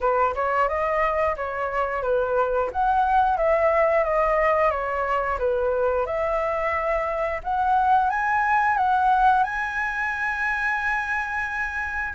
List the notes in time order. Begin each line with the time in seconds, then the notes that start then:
0.00 B4
0.34 C#5
0.68 D#5
1.36 C#5
2.02 B4
2.72 F#5
3.37 E5
4.04 D#5
4.70 C#5
5.38 B4
6.06 E5
7.43 F#5
8.09 G#5
8.77 F#5
9.44 G#5